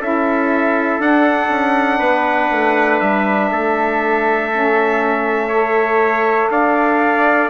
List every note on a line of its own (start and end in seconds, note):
0.00 0.98 C#4
0.00 1.00 E4
0.00 1.98 A4
0.00 1.01 E5
0.98 1.48 D4
0.98 4.50 D4
0.98 3.00 F#5
1.49 1.99 C#4
1.98 2.49 B3
1.98 3.48 B4
2.51 3.00 A3
3.00 3.50 G3
3.00 6.50 E5
3.50 6.49 A3
3.50 5.48 A4
4.50 5.50 C#4
5.48 7.49 A4
5.48 6.48 C#5
6.49 7.49 D4
6.49 7.49 D5
6.49 7.49 F5